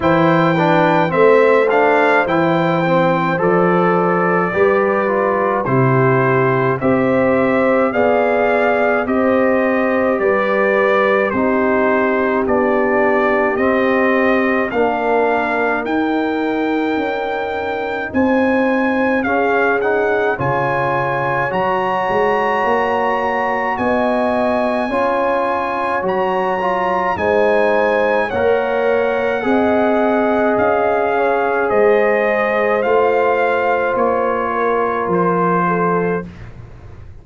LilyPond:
<<
  \new Staff \with { instrumentName = "trumpet" } { \time 4/4 \tempo 4 = 53 g''4 e''8 f''8 g''4 d''4~ | d''4 c''4 e''4 f''4 | dis''4 d''4 c''4 d''4 | dis''4 f''4 g''2 |
gis''4 f''8 fis''8 gis''4 ais''4~ | ais''4 gis''2 ais''4 | gis''4 fis''2 f''4 | dis''4 f''4 cis''4 c''4 | }
  \new Staff \with { instrumentName = "horn" } { \time 4/4 c''8 b'8 c''2. | b'4 g'4 c''4 d''4 | c''4 b'4 g'2~ | g'4 ais'2. |
c''4 gis'4 cis''2~ | cis''4 dis''4 cis''2 | c''4 cis''4 dis''4. cis''8 | c''2~ c''8 ais'4 a'8 | }
  \new Staff \with { instrumentName = "trombone" } { \time 4/4 e'8 d'8 c'8 d'8 e'8 c'8 a'4 | g'8 f'8 e'4 g'4 gis'4 | g'2 dis'4 d'4 | c'4 d'4 dis'2~ |
dis'4 cis'8 dis'8 f'4 fis'4~ | fis'2 f'4 fis'8 f'8 | dis'4 ais'4 gis'2~ | gis'4 f'2. | }
  \new Staff \with { instrumentName = "tuba" } { \time 4/4 e4 a4 e4 f4 | g4 c4 c'4 b4 | c'4 g4 c'4 b4 | c'4 ais4 dis'4 cis'4 |
c'4 cis'4 cis4 fis8 gis8 | ais4 b4 cis'4 fis4 | gis4 ais4 c'4 cis'4 | gis4 a4 ais4 f4 | }
>>